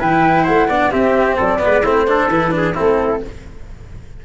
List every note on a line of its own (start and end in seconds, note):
0.00 0.48 E3
0.00 0.69 E4
0.00 0.44 B4
0.00 0.46 G5
0.44 0.69 A3
0.44 0.67 C5
0.44 0.91 F#5
0.69 0.92 B3
0.69 0.91 D4
0.69 0.92 D5
0.91 1.59 C4
0.91 1.40 C4
0.91 1.37 G4
0.91 1.37 E5
1.37 1.63 F#3
1.37 1.60 A4
1.37 1.85 D5
1.59 1.82 B3
1.66 1.85 G#3
1.66 1.83 B4
1.83 2.28 A3
1.83 2.08 C4
1.83 2.06 E4
1.83 2.30 C5
2.08 2.31 D4
2.08 2.56 A4
2.28 2.74 E3
2.28 2.52 E4
2.28 2.76 B4
2.52 2.75 D4
2.52 2.75 G#4
2.75 3.25 A3
2.75 3.21 C4
2.75 3.22 E4
2.75 3.26 A4